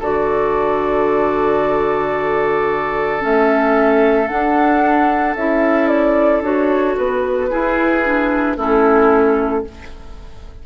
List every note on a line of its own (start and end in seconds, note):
0.00 3.23 D3
0.00 3.21 F#4
0.00 7.50 A4
0.00 3.24 D5
3.21 4.31 A3
3.21 4.28 C#4
3.21 4.28 E5
4.28 5.35 D4
4.28 5.35 F#5
5.35 6.42 C#4
5.35 6.44 E4
5.35 5.89 E5
5.89 6.42 D5
6.42 6.95 D4
6.42 7.50 F#4
6.42 6.97 C#5
6.98 7.52 B3
6.98 8.59 B4
7.50 8.04 E4
7.50 8.57 E4
7.50 8.57 G#4
8.04 8.58 D4
8.57 9.64 A3
8.57 9.65 C#4
8.57 9.64 E4
8.57 9.66 A4